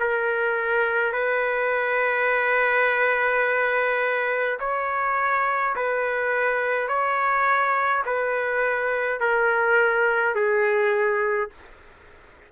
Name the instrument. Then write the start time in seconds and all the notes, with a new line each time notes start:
trumpet
0.00 A#4
1.13 B4
4.60 C#5
5.76 B4
6.88 C#5
8.06 B4
9.20 A#4
10.35 G#4